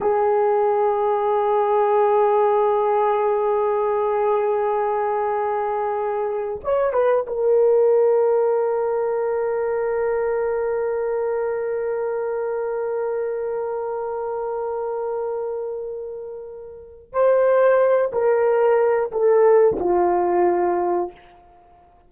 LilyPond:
\new Staff \with { instrumentName = "horn" } { \time 4/4 \tempo 4 = 91 gis'1~ | gis'1~ | gis'2 cis''8 b'8 ais'4~ | ais'1~ |
ais'1~ | ais'1~ | ais'2 c''4. ais'8~ | ais'4 a'4 f'2 | }